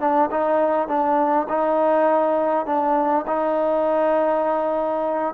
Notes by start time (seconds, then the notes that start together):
0.00 D4
0.31 D#4
0.88 D4
1.49 D#4
2.66 D4
3.28 D#4